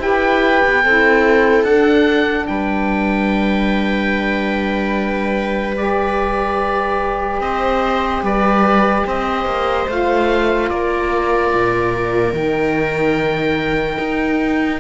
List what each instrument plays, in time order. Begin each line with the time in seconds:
0.00 cello E4, saxophone G4, viola B4, oboe G5
0.65 cello B3
0.84 cello C4, saxophone E4, viola A4
1.64 cello D4, saxophone D4, oboe F#5
2.47 cello G3, viola B4, oboe G5
5.77 saxophone G4, oboe D5
7.41 cello C4, viola C5, oboe D#5
8.22 cello G3, viola B4, oboe D5
9.06 cello C4, viola C5, oboe D#5
9.45 cello A#3
9.88 cello A3, saxophone F4, oboe F5
10.70 cello A#3, viola A#4, oboe D5
11.54 cello A#2
12.33 cello D#3, saxophone D#4, oboe G5
13.99 cello D#4